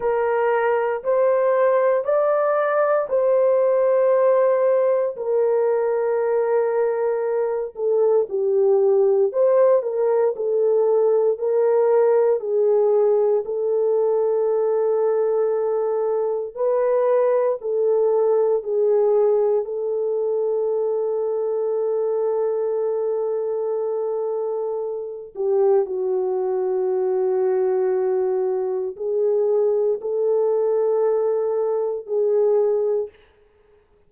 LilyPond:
\new Staff \with { instrumentName = "horn" } { \time 4/4 \tempo 4 = 58 ais'4 c''4 d''4 c''4~ | c''4 ais'2~ ais'8 a'8 | g'4 c''8 ais'8 a'4 ais'4 | gis'4 a'2. |
b'4 a'4 gis'4 a'4~ | a'1~ | a'8 g'8 fis'2. | gis'4 a'2 gis'4 | }